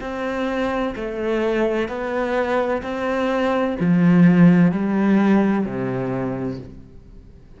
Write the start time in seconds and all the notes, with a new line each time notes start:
0.00 C4
0.95 A3
1.88 B3
2.82 C4
3.79 F3
4.71 G3
5.65 C3